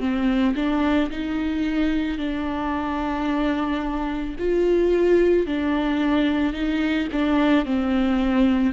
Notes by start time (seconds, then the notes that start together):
0.00 C4
0.56 D4
1.11 D#4
2.18 D4
4.39 F4
5.46 D4
6.54 D#4
7.12 D4
7.66 C4